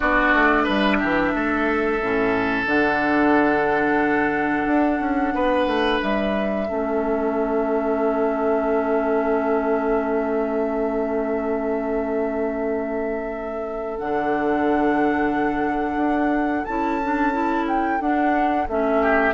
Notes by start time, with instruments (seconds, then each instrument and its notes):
0.00 bassoon B3, clarinet D4, oboe F#4, flute D5
0.34 bassoon A3
0.63 bassoon G3, oboe B4, flute E5
0.98 bassoon E3, oboe G4
1.33 bassoon A3, oboe A4
2.00 bassoon A2, clarinet C#4
2.65 bassoon D3, clarinet D4, flute F#5
4.66 bassoon D4
4.99 bassoon C#4
5.34 bassoon B3, oboe B4
5.66 bassoon A3
6.01 bassoon G3, flute E5
6.67 bassoon A3, clarinet C#4, oboe A4
13.98 bassoon D3, clarinet D4, flute F#5
15.96 bassoon D4
16.64 bassoon C#4, clarinet E4, flute A5
17.03 clarinet D4
17.32 clarinet E4
17.67 flute G5
18.00 bassoon D4, clarinet D4, flute F#5
18.67 bassoon A3, clarinet C#4, flute E5
19.01 oboe G4